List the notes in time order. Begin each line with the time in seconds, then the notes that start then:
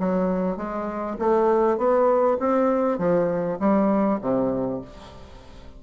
0.00 F#3
0.57 G#3
1.19 A3
1.78 B3
2.40 C4
2.99 F3
3.60 G3
4.21 C3